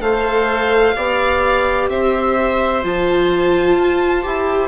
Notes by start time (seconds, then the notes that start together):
0.00 A3 A4 C5 F5
0.96 B3 G4 D5
1.89 C4 C5 E5
2.83 F3 F4 A5
3.77 F4
4.23 E4 G4